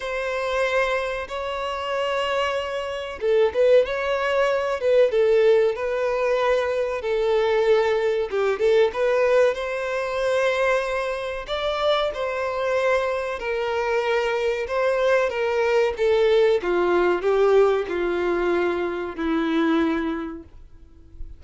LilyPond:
\new Staff \with { instrumentName = "violin" } { \time 4/4 \tempo 4 = 94 c''2 cis''2~ | cis''4 a'8 b'8 cis''4. b'8 | a'4 b'2 a'4~ | a'4 g'8 a'8 b'4 c''4~ |
c''2 d''4 c''4~ | c''4 ais'2 c''4 | ais'4 a'4 f'4 g'4 | f'2 e'2 | }